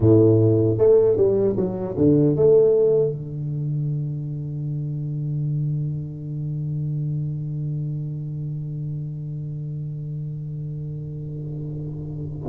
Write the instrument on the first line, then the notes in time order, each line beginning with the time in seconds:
tuba
0.00 A2
0.78 A3
1.17 G3
1.56 F#3
1.97 D3
2.36 A3
3.12 D3